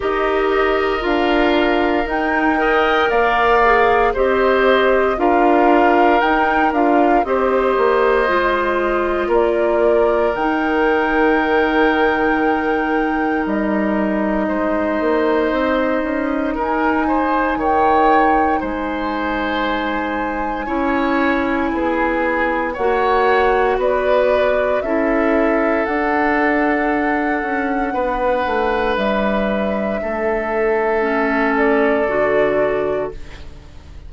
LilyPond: <<
  \new Staff \with { instrumentName = "flute" } { \time 4/4 \tempo 4 = 58 dis''4 f''4 g''4 f''4 | dis''4 f''4 g''8 f''8 dis''4~ | dis''4 d''4 g''2~ | g''4 dis''2. |
gis''4 g''4 gis''2~ | gis''2 fis''4 d''4 | e''4 fis''2. | e''2~ e''8 d''4. | }
  \new Staff \with { instrumentName = "oboe" } { \time 4/4 ais'2~ ais'8 dis''8 d''4 | c''4 ais'2 c''4~ | c''4 ais'2.~ | ais'2 c''2 |
ais'8 c''8 cis''4 c''2 | cis''4 gis'4 cis''4 b'4 | a'2. b'4~ | b'4 a'2. | }
  \new Staff \with { instrumentName = "clarinet" } { \time 4/4 g'4 f'4 dis'8 ais'4 gis'8 | g'4 f'4 dis'8 f'8 g'4 | f'2 dis'2~ | dis'1~ |
dis'1 | e'2 fis'2 | e'4 d'2.~ | d'2 cis'4 fis'4 | }
  \new Staff \with { instrumentName = "bassoon" } { \time 4/4 dis'4 d'4 dis'4 ais4 | c'4 d'4 dis'8 d'8 c'8 ais8 | gis4 ais4 dis2~ | dis4 g4 gis8 ais8 c'8 cis'8 |
dis'4 dis4 gis2 | cis'4 b4 ais4 b4 | cis'4 d'4. cis'8 b8 a8 | g4 a2 d4 | }
>>